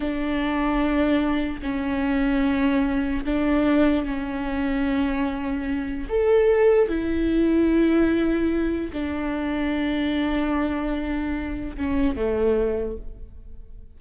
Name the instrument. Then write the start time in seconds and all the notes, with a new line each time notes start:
viola
0.00 D4
1.62 C#4
3.25 D4
4.05 C#4
6.09 A4
6.88 E4
8.92 D4
11.77 C#4
12.16 A3